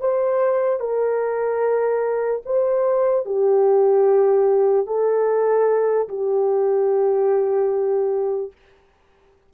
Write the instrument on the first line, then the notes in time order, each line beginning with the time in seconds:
horn
0.00 C5
0.79 A#4
2.45 C5
3.25 G4
4.86 A4
6.08 G4